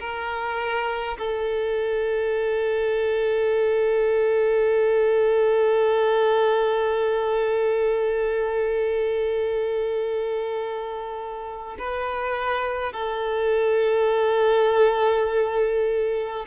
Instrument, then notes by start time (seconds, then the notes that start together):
violin
0.00 A#4
1.19 A4
11.79 B4
12.93 A4